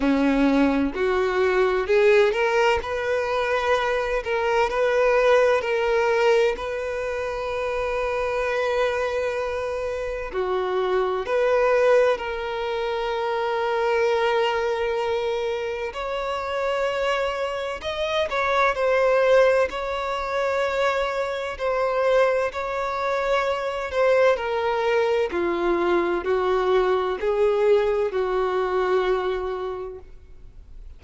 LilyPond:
\new Staff \with { instrumentName = "violin" } { \time 4/4 \tempo 4 = 64 cis'4 fis'4 gis'8 ais'8 b'4~ | b'8 ais'8 b'4 ais'4 b'4~ | b'2. fis'4 | b'4 ais'2.~ |
ais'4 cis''2 dis''8 cis''8 | c''4 cis''2 c''4 | cis''4. c''8 ais'4 f'4 | fis'4 gis'4 fis'2 | }